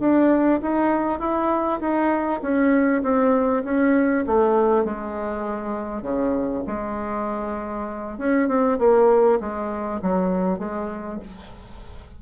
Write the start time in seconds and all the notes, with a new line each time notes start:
0.00 D4
0.62 D#4
1.20 E4
1.80 D#4
2.42 C#4
3.03 C4
3.65 C#4
4.27 A3
4.85 G#3
6.03 C#3
6.67 G#3
8.18 C#4
8.48 C4
8.79 A#3
9.40 G#3
10.02 F#3
10.59 G#3